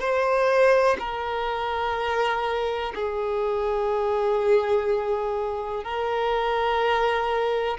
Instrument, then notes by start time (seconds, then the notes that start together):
violin
0.00 C5
0.99 A#4
2.95 G#4
5.84 A#4